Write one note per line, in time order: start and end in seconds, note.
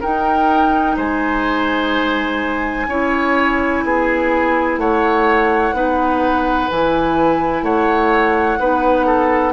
0.00 2.88 D#4
0.00 0.97 D#4
0.00 0.95 A#4
0.00 0.97 G5
0.96 2.87 G#3
0.96 2.87 C5
0.96 4.79 G#5
2.87 3.82 C#4
2.87 5.74 E4
2.87 3.84 C#5
3.83 4.77 B3
3.83 4.80 G#4
4.77 5.72 A3
4.77 5.75 C#5
4.77 6.69 F#5
5.73 6.68 B3
5.73 6.69 D#4
5.73 7.64 B4
6.70 7.62 E3
6.70 8.60 E4
6.70 7.64 G#5
7.62 8.57 A3
7.62 8.59 C#5
7.62 9.53 F#5
8.59 9.53 B3
8.59 9.53 D#4
8.59 9.06 B4
9.06 9.53 A4